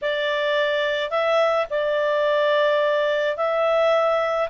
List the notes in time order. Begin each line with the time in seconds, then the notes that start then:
0.01 D5
1.10 E5
1.70 D5
3.36 E5